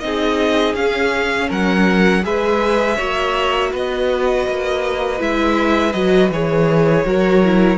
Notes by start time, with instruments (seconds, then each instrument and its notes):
0.00 cello C4, viola D#4, violin G#4 D#5
0.74 cello C#4, viola C#4, violin F5
1.49 cello F#3, violin A#4 F#5
2.23 cello G#3, viola G#4, violin B4 E5
2.96 cello A#3, viola F#4, violin C#5
3.72 cello B3, violin B4 D#5
4.48 cello A#3
5.19 cello G#3, viola E4, violin E5
5.92 cello F#3, viola F#4, violin D#5
6.30 cello E3, viola G#4, violin C#5
7.05 cello F#3, viola F#4, violin A#4
7.44 viola E4